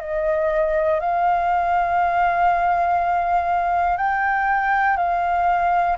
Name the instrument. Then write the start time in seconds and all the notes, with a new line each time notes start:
flute
0.00 D#5
1.00 F5
3.97 G5
4.97 F5